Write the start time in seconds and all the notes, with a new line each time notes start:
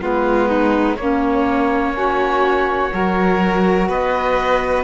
0.00 G#3 B3 F4 B4
0.49 D#4
0.96 A#3 C#4 C#5
1.93 C#4 F#4
2.90 F#3 F#4 A#4
3.88 B3 B4 D#5